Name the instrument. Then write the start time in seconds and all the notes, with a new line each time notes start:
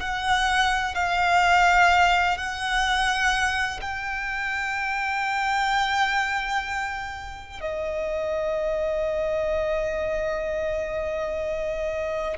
violin
0.00 F#5
0.95 F5
2.38 F#5
3.81 G5
7.61 D#5